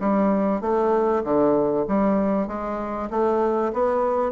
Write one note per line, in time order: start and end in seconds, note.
0.00 0.61 G3
0.61 1.23 A3
1.24 1.86 D3
1.88 2.47 G3
2.47 3.09 G#3
3.10 3.72 A3
3.73 4.31 B3